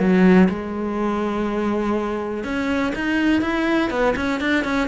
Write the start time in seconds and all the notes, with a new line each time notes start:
0.00 F#3
0.49 G#3
2.44 C#4
2.96 D#4
3.42 E4
3.91 B3
4.16 C#4
4.41 D4
4.65 C#4